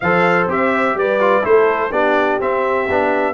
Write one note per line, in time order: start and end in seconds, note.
0.00 0.47 F3
0.00 0.49 A4
0.00 0.97 C5
0.00 0.48 F5
0.47 0.93 C4
0.47 1.19 G4
0.47 0.97 E5
0.93 1.41 G3
0.93 1.45 B4
0.93 1.45 D5
1.19 1.42 F4
1.42 1.91 A3
1.42 1.90 E4
1.42 1.91 A4
1.42 1.91 C5
1.91 2.39 B3
1.91 2.40 D4
1.91 3.34 G4
1.91 2.39 D5
2.40 2.88 C4
2.40 3.34 E5
2.89 3.34 B3
2.89 3.34 D4